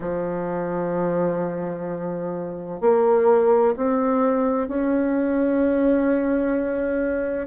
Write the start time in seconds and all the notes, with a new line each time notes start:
0.00 F3
2.80 A#3
3.76 C4
4.67 C#4